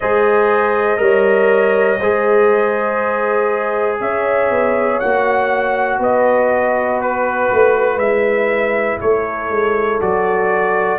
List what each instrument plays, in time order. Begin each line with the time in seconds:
0.00 tuba G#3, trombone G#4, horn C5, trumpet D#5
0.97 tuba G3, trombone A#4, horn C#5
2.00 tuba G#3, trombone G#4, horn C5
4.00 tuba C#4, horn C#5, trumpet E5
4.50 tuba B3
4.99 tuba A#3, trombone F#4, trumpet F#5
5.98 tuba B3, horn B4, trumpet D#5
7.00 trumpet B4
7.52 tuba A3
7.96 tuba G#3, trombone E4, trumpet E5
9.00 tuba A3, horn A4, trumpet C#5
9.50 tuba G#3
10.00 tuba F#3, trombone F#4, trumpet D5